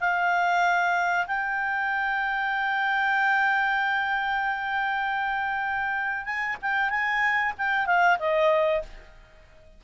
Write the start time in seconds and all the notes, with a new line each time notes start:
0.00 F5
1.27 G5
6.25 G#5
6.62 G5
6.90 G#5
7.58 G5
7.86 F5
8.19 D#5